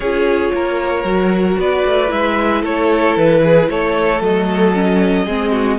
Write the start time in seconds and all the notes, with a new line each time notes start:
0.00 C#4 F4 G#4 C#5
0.53 A#3 A#4
1.04 F#3 F#4
1.57 B3 B4 D5
1.85 A3
2.07 G#3 E4 E5
2.62 A3 A4 C#5
3.16 E3 B4
3.43 G#4
3.69 A3 A4 C#5
4.20 F#3 A3 D#5
4.74 C#4
5.25 G#3 C4 G#4
5.51 F#4